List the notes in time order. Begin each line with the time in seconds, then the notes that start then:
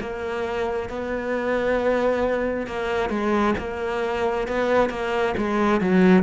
0.00 A#3
0.89 B3
2.67 A#3
3.09 G#3
3.58 A#3
4.47 B3
4.89 A#3
5.37 G#3
5.81 F#3